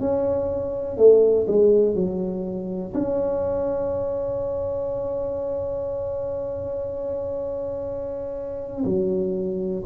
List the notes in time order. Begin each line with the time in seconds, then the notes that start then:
0.00 C#4
0.97 A3
1.47 G#3
1.95 F#3
2.94 C#4
8.85 F#3